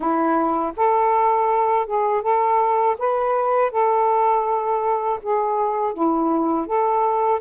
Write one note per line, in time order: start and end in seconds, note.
0.00 0.72 E4
0.76 1.86 A4
1.86 2.22 G#4
2.22 2.96 A4
2.98 3.71 B4
3.71 5.19 A4
5.22 5.93 G#4
5.93 6.66 E4
6.66 7.40 A4